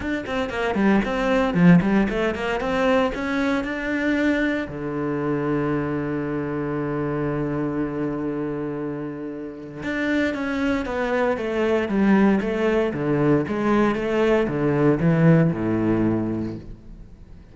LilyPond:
\new Staff \with { instrumentName = "cello" } { \time 4/4 \tempo 4 = 116 d'8 c'8 ais8 g8 c'4 f8 g8 | a8 ais8 c'4 cis'4 d'4~ | d'4 d2.~ | d1~ |
d2. d'4 | cis'4 b4 a4 g4 | a4 d4 gis4 a4 | d4 e4 a,2 | }